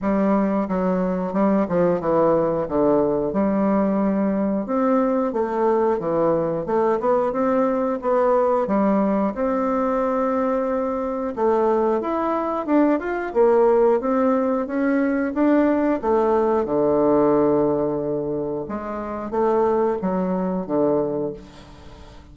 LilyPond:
\new Staff \with { instrumentName = "bassoon" } { \time 4/4 \tempo 4 = 90 g4 fis4 g8 f8 e4 | d4 g2 c'4 | a4 e4 a8 b8 c'4 | b4 g4 c'2~ |
c'4 a4 e'4 d'8 f'8 | ais4 c'4 cis'4 d'4 | a4 d2. | gis4 a4 fis4 d4 | }